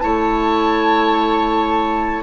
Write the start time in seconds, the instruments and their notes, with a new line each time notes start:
0.00 bassoon A3, clarinet E4, oboe C#5, flute A5